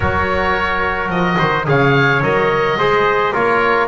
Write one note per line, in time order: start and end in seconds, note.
0.00 1.09 F#3
0.00 1.65 F#4
0.00 1.38 A#4
0.00 1.10 C#5
1.09 1.36 F3
1.09 1.65 D#5
1.38 1.67 D#3
1.38 1.65 C5
1.65 2.21 C#3
1.65 2.20 G#4
1.65 2.78 C#5
1.65 2.23 F5
2.21 2.76 F#3
2.21 2.78 A#4
2.21 3.34 D#5
2.77 3.33 G#3
2.77 3.32 G#4
2.77 3.33 C5
3.32 3.87 A#3
3.32 3.87 F4
3.32 3.87 A#4
3.32 3.87 C#5